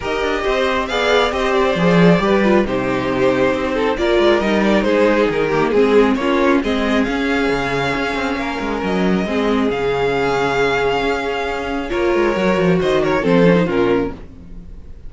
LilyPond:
<<
  \new Staff \with { instrumentName = "violin" } { \time 4/4 \tempo 4 = 136 dis''2 f''4 dis''8 d''8~ | d''2 c''2~ | c''4 d''4 dis''8 d''8 c''4 | ais'4 gis'4 cis''4 dis''4 |
f''1 | dis''2 f''2~ | f''2. cis''4~ | cis''4 dis''8 cis''8 c''4 ais'4 | }
  \new Staff \with { instrumentName = "violin" } { \time 4/4 ais'4 c''4 d''4 c''4~ | c''4 b'4 g'2~ | g'8 a'8 ais'2 gis'4~ | gis'8 g'8 gis'4 f'4 gis'4~ |
gis'2. ais'4~ | ais'4 gis'2.~ | gis'2. ais'4~ | ais'4 c''8 ais'8 a'4 f'4 | }
  \new Staff \with { instrumentName = "viola" } { \time 4/4 g'2 gis'4 g'4 | gis'4 g'8 f'8 dis'2~ | dis'4 f'4 dis'2~ | dis'8 ais8 c'4 cis'4 c'4 |
cis'1~ | cis'4 c'4 cis'2~ | cis'2. f'4 | fis'2 c'8 cis'16 dis'16 cis'4 | }
  \new Staff \with { instrumentName = "cello" } { \time 4/4 dis'8 d'8 c'4 b4 c'4 | f4 g4 c2 | c'4 ais8 gis8 g4 gis4 | dis4 gis4 ais4 gis4 |
cis'4 cis4 cis'8 c'8 ais8 gis8 | fis4 gis4 cis2~ | cis4 cis'2 ais8 gis8 | fis8 f8 dis4 f4 ais,4 | }
>>